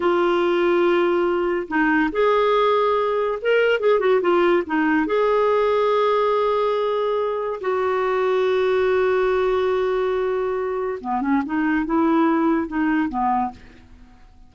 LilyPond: \new Staff \with { instrumentName = "clarinet" } { \time 4/4 \tempo 4 = 142 f'1 | dis'4 gis'2. | ais'4 gis'8 fis'8 f'4 dis'4 | gis'1~ |
gis'2 fis'2~ | fis'1~ | fis'2 b8 cis'8 dis'4 | e'2 dis'4 b4 | }